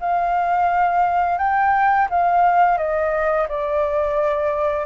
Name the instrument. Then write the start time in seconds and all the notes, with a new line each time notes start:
flute
0.00 F5
1.38 G5
2.10 F5
2.77 D#5
3.49 D5